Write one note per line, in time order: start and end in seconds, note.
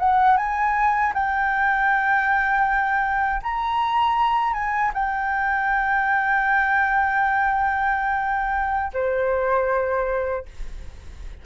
0.00 0.38 F#5
0.38 1.14 G#5
1.14 3.42 G5
3.43 4.54 A#5
4.54 4.92 G#5
4.94 8.93 G5
8.94 10.46 C5